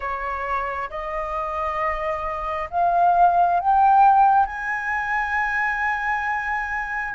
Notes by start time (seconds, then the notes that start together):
0.00 C#5
0.90 D#5
2.70 F5
3.60 G5
4.46 G#5